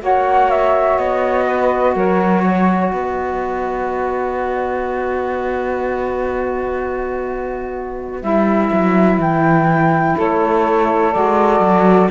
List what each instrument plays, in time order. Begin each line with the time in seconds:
0.00 cello A#3, saxophone F#4 C#5, flute F#5
0.50 flute E5
0.98 cello B3, flute D#5
1.45 saxophone B4
1.95 cello F#3, saxophone A#4, flute C#5
2.45 saxophone C#5
2.91 cello B3, saxophone B4, flute D#5
8.21 cello G3, saxophone E4, flute E5
8.73 cello F#3
9.18 cello E3, flute G5
10.16 cello A3, saxophone A4, flute C#5
11.13 cello G#3, saxophone F#4, flute D5
11.60 cello F#3